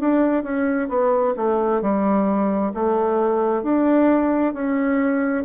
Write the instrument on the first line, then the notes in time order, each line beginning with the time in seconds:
bassoon
0.00 D4
0.43 C#4
0.89 B3
1.36 A3
1.81 G3
2.74 A3
3.63 D4
4.54 C#4